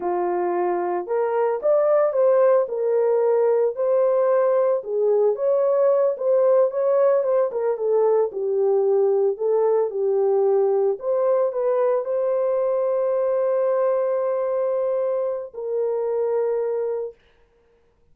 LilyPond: \new Staff \with { instrumentName = "horn" } { \time 4/4 \tempo 4 = 112 f'2 ais'4 d''4 | c''4 ais'2 c''4~ | c''4 gis'4 cis''4. c''8~ | c''8 cis''4 c''8 ais'8 a'4 g'8~ |
g'4. a'4 g'4.~ | g'8 c''4 b'4 c''4.~ | c''1~ | c''4 ais'2. | }